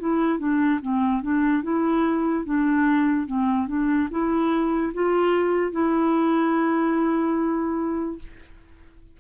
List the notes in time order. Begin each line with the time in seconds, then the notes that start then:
0.00 E4
0.39 D4
0.82 C4
1.23 D4
1.64 E4
2.45 D4
3.27 C4
3.68 D4
4.11 E4
4.94 F4
5.72 E4